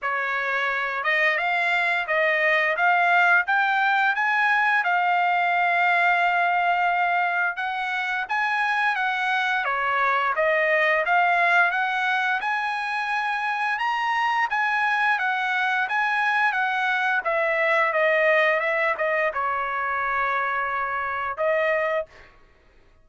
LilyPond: \new Staff \with { instrumentName = "trumpet" } { \time 4/4 \tempo 4 = 87 cis''4. dis''8 f''4 dis''4 | f''4 g''4 gis''4 f''4~ | f''2. fis''4 | gis''4 fis''4 cis''4 dis''4 |
f''4 fis''4 gis''2 | ais''4 gis''4 fis''4 gis''4 | fis''4 e''4 dis''4 e''8 dis''8 | cis''2. dis''4 | }